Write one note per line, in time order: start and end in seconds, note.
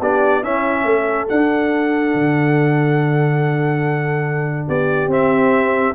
0.00 0.43 B3
0.00 0.44 D4
0.00 0.42 G4
0.00 0.44 D5
0.42 0.85 C#4
0.42 1.28 C#4
0.42 0.85 E4
0.42 1.29 E5
0.85 1.27 A3
0.85 4.68 A4
1.28 5.10 D4
1.28 2.14 D4
1.28 4.69 F#5
2.14 4.69 D3
4.68 5.08 B3
4.68 5.95 G4
4.68 5.12 D5
5.08 5.93 C4
5.08 5.95 C4
5.08 5.95 E5